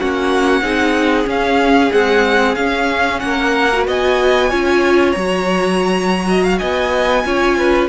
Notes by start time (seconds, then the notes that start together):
0.00 A#3 C#4 F#4 F#5
0.62 C4 D#4 G#4
1.25 C#4 F5
1.91 G#3 C4 F#5
2.55 C#4 F5
3.20 A#3 A#4 F#5
3.73 F#4
3.87 B3 D#5 G#5
4.50 C#4 F4 C#5
5.12 F#3 F#4 A#5
6.29 D#5
6.44 F5
6.58 B3 D#5 G#5
7.25 C#4 F4 C#5
7.58 B4